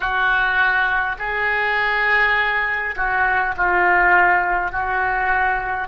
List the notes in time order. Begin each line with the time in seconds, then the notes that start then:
0.00 F#4
1.18 G#4
2.96 F#4
3.56 F4
4.71 F#4